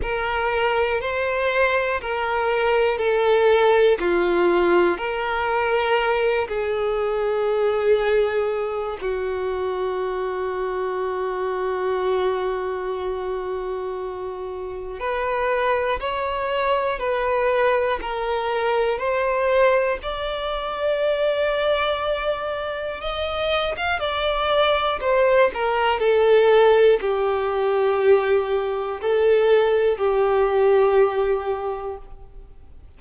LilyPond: \new Staff \with { instrumentName = "violin" } { \time 4/4 \tempo 4 = 60 ais'4 c''4 ais'4 a'4 | f'4 ais'4. gis'4.~ | gis'4 fis'2.~ | fis'2. b'4 |
cis''4 b'4 ais'4 c''4 | d''2. dis''8. f''16 | d''4 c''8 ais'8 a'4 g'4~ | g'4 a'4 g'2 | }